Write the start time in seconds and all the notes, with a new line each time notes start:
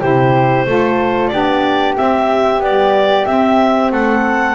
0.00 C3 E4 G4 C5
0.66 A3 F4 A4
1.28 B3 D4 G4 D5
1.97 C4 E5
2.60 G3 B3 D5
3.26 C4 E5
3.92 A3 A4 F#5